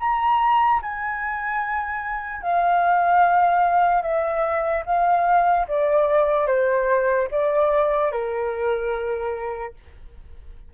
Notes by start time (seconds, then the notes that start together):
0.00 A#5
0.82 G#5
2.42 F5
4.02 E5
4.86 F5
5.68 D5
6.48 C5
7.31 D5
8.12 A#4